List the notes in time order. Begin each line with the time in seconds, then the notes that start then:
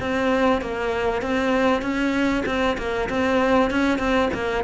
0.00 C4
0.61 A#3
1.21 C4
1.82 C#4
2.46 C4
2.78 A#3
3.09 C4
3.70 C#4
3.98 C4
4.34 A#3